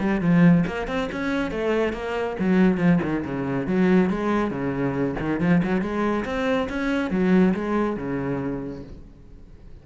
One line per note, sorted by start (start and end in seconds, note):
0.00 0.21 G3
0.21 0.64 F3
0.67 0.88 A#3
0.88 1.09 C4
1.12 1.51 C#4
1.51 1.93 A3
1.93 2.36 A#3
2.40 2.77 F#3
2.77 2.99 F3
3.03 3.24 D#3
3.25 3.67 C#3
3.67 4.10 F#3
4.10 4.51 G#3
4.51 5.15 C#3
5.20 5.40 D#3
5.40 5.62 F3
5.64 5.82 F#3
5.82 6.25 G#3
6.25 6.68 C4
6.69 7.11 C#4
7.11 7.54 F#3
7.54 7.97 G#3
7.97 8.83 C#3